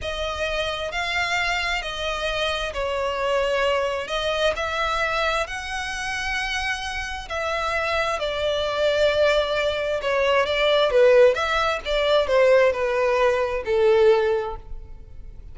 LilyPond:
\new Staff \with { instrumentName = "violin" } { \time 4/4 \tempo 4 = 132 dis''2 f''2 | dis''2 cis''2~ | cis''4 dis''4 e''2 | fis''1 |
e''2 d''2~ | d''2 cis''4 d''4 | b'4 e''4 d''4 c''4 | b'2 a'2 | }